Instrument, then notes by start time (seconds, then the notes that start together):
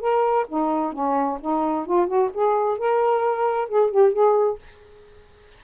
saxophone
0.00 A#4
0.48 D#4
0.92 C#4
1.40 D#4
1.86 F4
2.07 F#4
2.34 G#4
2.78 A#4
3.68 G#4
3.90 G4
4.12 G#4